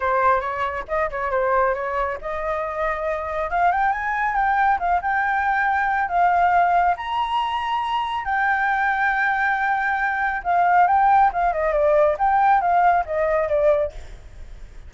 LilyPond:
\new Staff \with { instrumentName = "flute" } { \time 4/4 \tempo 4 = 138 c''4 cis''4 dis''8 cis''8 c''4 | cis''4 dis''2. | f''8 g''8 gis''4 g''4 f''8 g''8~ | g''2 f''2 |
ais''2. g''4~ | g''1 | f''4 g''4 f''8 dis''8 d''4 | g''4 f''4 dis''4 d''4 | }